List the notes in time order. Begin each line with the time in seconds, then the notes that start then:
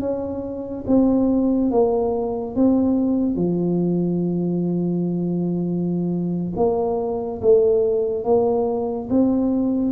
0.00 C#4
0.87 C4
1.71 A#3
2.55 C4
3.36 F3
6.56 A#3
7.41 A3
8.24 A#3
9.10 C4